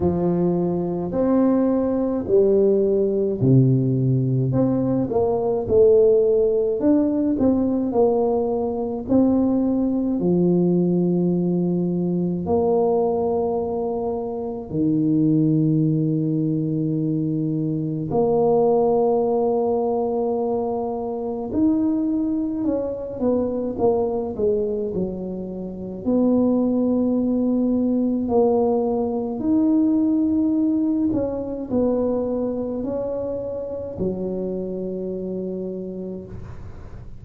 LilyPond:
\new Staff \with { instrumentName = "tuba" } { \time 4/4 \tempo 4 = 53 f4 c'4 g4 c4 | c'8 ais8 a4 d'8 c'8 ais4 | c'4 f2 ais4~ | ais4 dis2. |
ais2. dis'4 | cis'8 b8 ais8 gis8 fis4 b4~ | b4 ais4 dis'4. cis'8 | b4 cis'4 fis2 | }